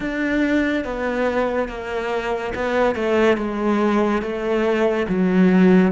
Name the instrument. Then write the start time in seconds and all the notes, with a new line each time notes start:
cello
0.00 D4
0.84 B3
1.68 A#3
2.55 B3
2.95 A3
3.37 G#3
4.22 A3
5.08 F#3